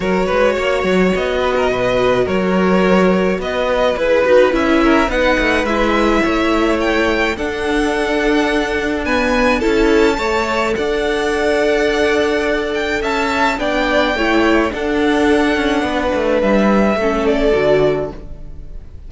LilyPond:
<<
  \new Staff \with { instrumentName = "violin" } { \time 4/4 \tempo 4 = 106 cis''2 dis''2 | cis''2 dis''4 b'4 | e''4 fis''4 e''2 | g''4 fis''2. |
gis''4 a''2 fis''4~ | fis''2~ fis''8 g''8 a''4 | g''2 fis''2~ | fis''4 e''4. d''4. | }
  \new Staff \with { instrumentName = "violin" } { \time 4/4 ais'8 b'8 cis''4. b'16 ais'16 b'4 | ais'2 b'2~ | b'8 ais'8 b'2 cis''4~ | cis''4 a'2. |
b'4 a'4 cis''4 d''4~ | d''2. e''4 | d''4 cis''4 a'2 | b'2 a'2 | }
  \new Staff \with { instrumentName = "viola" } { \time 4/4 fis'1~ | fis'2. gis'8 fis'8 | e'4 dis'4 e'2~ | e'4 d'2. |
b4 e'4 a'2~ | a'1 | d'4 e'4 d'2~ | d'2 cis'4 fis'4 | }
  \new Staff \with { instrumentName = "cello" } { \time 4/4 fis8 gis8 ais8 fis8 b4 b,4 | fis2 b4 e'8 dis'8 | cis'4 b8 a8 gis4 a4~ | a4 d'2.~ |
d'4 cis'4 a4 d'4~ | d'2. cis'4 | b4 a4 d'4. cis'8 | b8 a8 g4 a4 d4 | }
>>